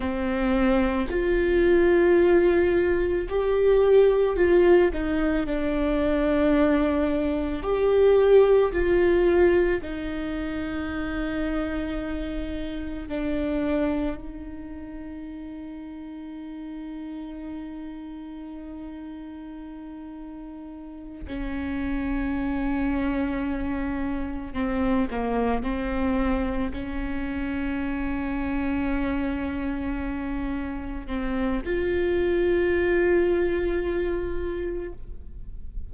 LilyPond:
\new Staff \with { instrumentName = "viola" } { \time 4/4 \tempo 4 = 55 c'4 f'2 g'4 | f'8 dis'8 d'2 g'4 | f'4 dis'2. | d'4 dis'2.~ |
dis'2.~ dis'8 cis'8~ | cis'2~ cis'8 c'8 ais8 c'8~ | c'8 cis'2.~ cis'8~ | cis'8 c'8 f'2. | }